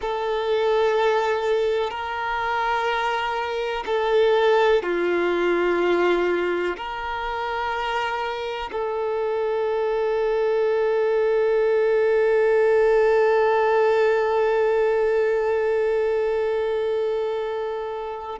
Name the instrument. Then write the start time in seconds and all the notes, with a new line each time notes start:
violin
0.00 A4
1.90 A#4
3.85 A4
4.82 F4
6.76 A#4
8.71 A4